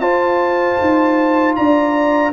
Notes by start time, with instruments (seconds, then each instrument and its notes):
0.00 tuba F4, trombone F4, horn C5, trumpet A5
0.80 tuba D#4
1.56 tuba D4, horn D5, trumpet A#5